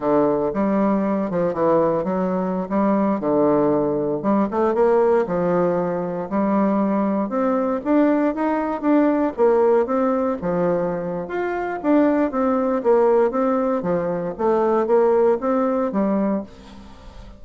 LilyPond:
\new Staff \with { instrumentName = "bassoon" } { \time 4/4 \tempo 4 = 117 d4 g4. f8 e4 | fis4~ fis16 g4 d4.~ d16~ | d16 g8 a8 ais4 f4.~ f16~ | f16 g2 c'4 d'8.~ |
d'16 dis'4 d'4 ais4 c'8.~ | c'16 f4.~ f16 f'4 d'4 | c'4 ais4 c'4 f4 | a4 ais4 c'4 g4 | }